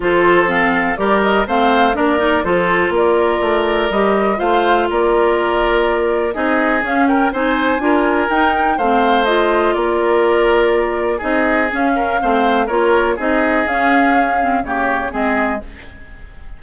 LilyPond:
<<
  \new Staff \with { instrumentName = "flute" } { \time 4/4 \tempo 4 = 123 c''4 f''4 d''8 dis''8 f''4 | d''4 c''4 d''2 | dis''4 f''4 d''2~ | d''4 dis''4 f''8 g''8 gis''4~ |
gis''4 g''4 f''4 dis''4 | d''2. dis''4 | f''2 cis''4 dis''4 | f''2 cis''4 dis''4 | }
  \new Staff \with { instrumentName = "oboe" } { \time 4/4 a'2 ais'4 c''4 | ais'4 a'4 ais'2~ | ais'4 c''4 ais'2~ | ais'4 gis'4. ais'8 c''4 |
ais'2 c''2 | ais'2. gis'4~ | gis'8 ais'8 c''4 ais'4 gis'4~ | gis'2 g'4 gis'4 | }
  \new Staff \with { instrumentName = "clarinet" } { \time 4/4 f'4 c'4 g'4 c'4 | d'8 dis'8 f'2. | g'4 f'2.~ | f'4 dis'4 cis'4 dis'4 |
f'4 dis'4 c'4 f'4~ | f'2. dis'4 | cis'4 c'4 f'4 dis'4 | cis'4. c'8 ais4 c'4 | }
  \new Staff \with { instrumentName = "bassoon" } { \time 4/4 f2 g4 a4 | ais4 f4 ais4 a4 | g4 a4 ais2~ | ais4 c'4 cis'4 c'4 |
d'4 dis'4 a2 | ais2. c'4 | cis'4 a4 ais4 c'4 | cis'2 cis4 gis4 | }
>>